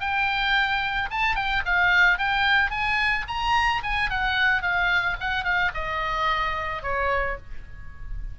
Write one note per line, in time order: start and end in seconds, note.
0.00 1.09 G5
1.11 1.35 A5
1.35 1.62 G5
1.65 2.18 F5
2.18 2.70 G5
2.70 3.25 G#5
3.28 3.82 A#5
3.83 4.10 G#5
4.10 4.62 F#5
4.62 5.16 F5
5.20 5.44 F#5
5.44 5.71 F5
5.74 6.82 D#5
6.82 7.37 C#5